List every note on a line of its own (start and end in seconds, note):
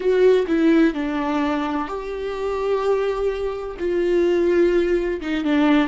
0.00 0.46 F#4
0.47 0.93 E4
0.93 1.87 D4
1.87 3.76 G4
3.79 5.21 F4
5.21 5.44 D#4
5.44 5.88 D4